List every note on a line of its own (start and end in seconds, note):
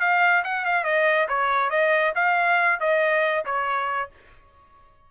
0.00 0.43 F5
0.44 0.65 F#5
0.65 0.84 F5
0.84 1.27 D#5
1.29 1.70 C#5
1.70 2.13 D#5
2.15 2.80 F5
2.80 3.45 D#5
3.46 4.10 C#5